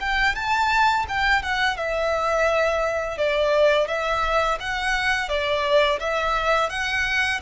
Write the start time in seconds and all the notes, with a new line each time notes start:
0.00 G5
0.35 A5
1.08 G5
1.42 F#5
1.76 E5
3.17 D5
3.88 E5
4.60 F#5
5.28 D5
6.00 E5
6.70 F#5